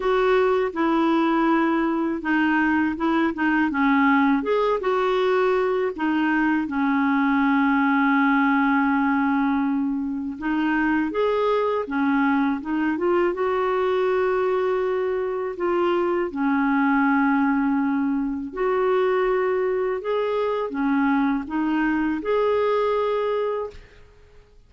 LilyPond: \new Staff \with { instrumentName = "clarinet" } { \time 4/4 \tempo 4 = 81 fis'4 e'2 dis'4 | e'8 dis'8 cis'4 gis'8 fis'4. | dis'4 cis'2.~ | cis'2 dis'4 gis'4 |
cis'4 dis'8 f'8 fis'2~ | fis'4 f'4 cis'2~ | cis'4 fis'2 gis'4 | cis'4 dis'4 gis'2 | }